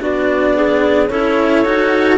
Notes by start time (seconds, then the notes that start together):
0.00 B3 D4 F#4 D5
0.55 G#4
1.07 C#4 E4 A4 C#5
1.65 D#4 F#4